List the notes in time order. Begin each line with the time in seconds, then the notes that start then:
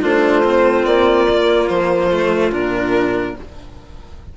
0.00 A3 D4 F4 C5
0.44 C4
0.85 A#3 D5
1.29 A#3
1.68 F3 C5
2.10 A3
2.51 A#2 D4 A#4